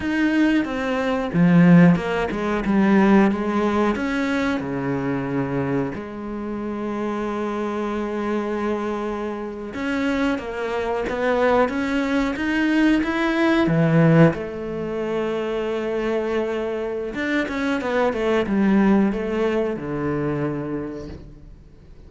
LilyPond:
\new Staff \with { instrumentName = "cello" } { \time 4/4 \tempo 4 = 91 dis'4 c'4 f4 ais8 gis8 | g4 gis4 cis'4 cis4~ | cis4 gis2.~ | gis2~ gis8. cis'4 ais16~ |
ais8. b4 cis'4 dis'4 e'16~ | e'8. e4 a2~ a16~ | a2 d'8 cis'8 b8 a8 | g4 a4 d2 | }